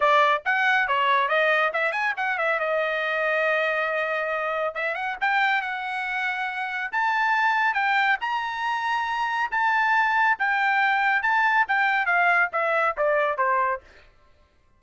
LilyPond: \new Staff \with { instrumentName = "trumpet" } { \time 4/4 \tempo 4 = 139 d''4 fis''4 cis''4 dis''4 | e''8 gis''8 fis''8 e''8 dis''2~ | dis''2. e''8 fis''8 | g''4 fis''2. |
a''2 g''4 ais''4~ | ais''2 a''2 | g''2 a''4 g''4 | f''4 e''4 d''4 c''4 | }